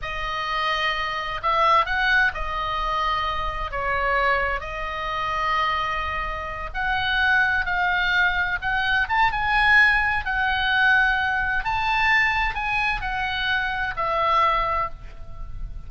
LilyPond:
\new Staff \with { instrumentName = "oboe" } { \time 4/4 \tempo 4 = 129 dis''2. e''4 | fis''4 dis''2. | cis''2 dis''2~ | dis''2~ dis''8 fis''4.~ |
fis''8 f''2 fis''4 a''8 | gis''2 fis''2~ | fis''4 a''2 gis''4 | fis''2 e''2 | }